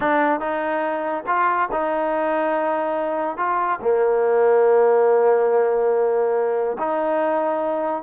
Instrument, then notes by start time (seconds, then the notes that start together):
trombone
0.00 D4
0.39 D#4
1.26 F4
1.72 D#4
3.37 F4
3.81 A#3
6.78 D#4